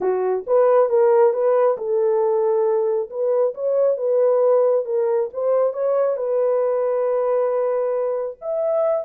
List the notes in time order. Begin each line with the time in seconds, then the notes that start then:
0.00 F#4
0.46 B4
0.89 A#4
1.33 B4
1.77 A4
3.09 B4
3.54 C#5
3.97 B4
4.85 A#4
5.33 C5
5.73 C#5
6.16 B4
8.41 E5